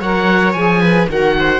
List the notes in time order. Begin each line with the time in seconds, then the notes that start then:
0.00 F#3 A#4 C#5 F#5
0.52 F3 G#4 G#5
0.80 B4
1.09 D#3 F#4 A#4 F#5
1.39 C5